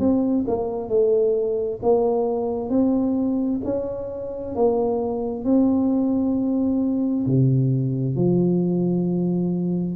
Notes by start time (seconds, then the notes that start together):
0.00 C4
0.48 A#3
0.89 A3
1.83 A#3
2.70 C4
3.65 C#4
4.56 A#3
5.45 C4
7.27 C3
8.16 F3